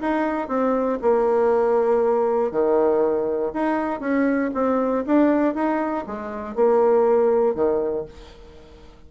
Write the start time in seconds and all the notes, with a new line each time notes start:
0.00 D#4
0.48 C4
1.02 A#3
2.51 D#3
3.53 D#4
4.00 C#4
4.54 C4
5.06 D4
5.54 D#4
6.06 G#3
6.55 A#3
7.54 D#3